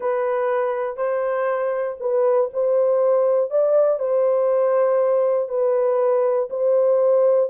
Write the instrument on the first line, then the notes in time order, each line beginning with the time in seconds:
horn
0.00 B4
0.96 C5
2.00 B4
2.53 C5
3.50 D5
3.99 C5
5.48 B4
6.50 C5